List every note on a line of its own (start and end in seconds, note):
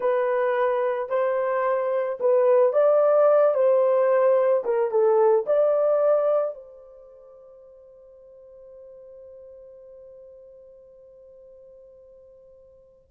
0.00 1.09 B4
1.09 2.18 C5
2.19 2.72 B4
2.72 3.54 D5
3.54 4.63 C5
4.64 4.90 A#4
4.90 5.45 A4
5.46 6.54 D5
6.54 13.09 C5